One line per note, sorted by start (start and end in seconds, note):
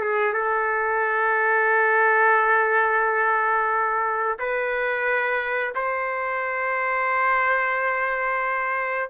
0.00 0.33 G#4
0.33 4.38 A4
4.39 5.74 B4
5.75 9.10 C5